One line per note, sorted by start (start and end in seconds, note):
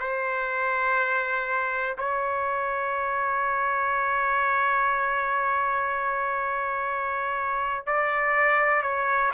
0.00 1.97 C5
1.98 7.86 C#5
7.86 8.82 D5
8.82 9.31 C#5